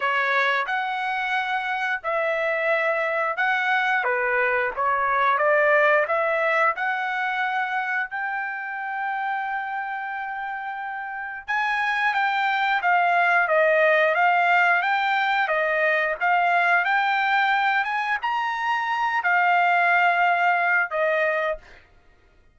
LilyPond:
\new Staff \with { instrumentName = "trumpet" } { \time 4/4 \tempo 4 = 89 cis''4 fis''2 e''4~ | e''4 fis''4 b'4 cis''4 | d''4 e''4 fis''2 | g''1~ |
g''4 gis''4 g''4 f''4 | dis''4 f''4 g''4 dis''4 | f''4 g''4. gis''8 ais''4~ | ais''8 f''2~ f''8 dis''4 | }